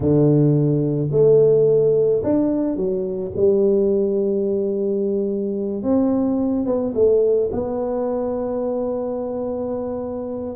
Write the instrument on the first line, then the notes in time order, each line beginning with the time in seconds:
tuba
0.00 D3
1.11 A3
2.23 D4
2.76 F#3
3.36 G3
5.82 C4
6.65 B3
6.94 A3
7.52 B3